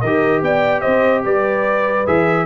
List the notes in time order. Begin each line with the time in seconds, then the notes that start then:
0.00 D#3 G4 A#4 D#5
0.41 B3 D5 G5
0.80 C4 C5 D#5
1.24 G3 B4 D5
2.06 E3 G#4 E5